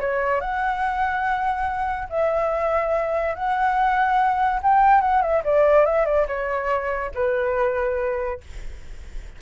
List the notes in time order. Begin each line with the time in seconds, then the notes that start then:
0.00 C#5
0.40 F#5
2.09 E5
3.35 F#5
4.62 G5
5.01 F#5
5.21 E5
5.44 D5
5.85 E5
6.05 D5
6.27 C#5
7.14 B4